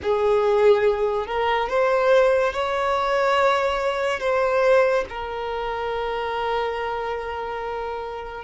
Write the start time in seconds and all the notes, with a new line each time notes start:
0.02 G#4
1.27 A#4
1.69 C5
2.53 C#5
4.20 C5
5.09 A#4